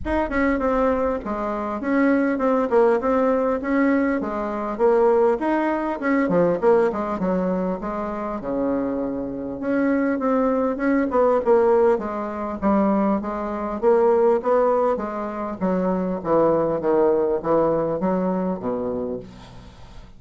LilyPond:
\new Staff \with { instrumentName = "bassoon" } { \time 4/4 \tempo 4 = 100 dis'8 cis'8 c'4 gis4 cis'4 | c'8 ais8 c'4 cis'4 gis4 | ais4 dis'4 cis'8 f8 ais8 gis8 | fis4 gis4 cis2 |
cis'4 c'4 cis'8 b8 ais4 | gis4 g4 gis4 ais4 | b4 gis4 fis4 e4 | dis4 e4 fis4 b,4 | }